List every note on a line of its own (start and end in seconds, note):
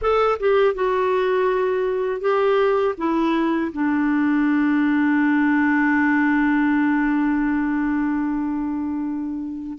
0.01 0.38 A4
0.39 0.74 G4
0.74 2.20 F#4
2.20 2.95 G4
2.97 3.71 E4
3.72 9.78 D4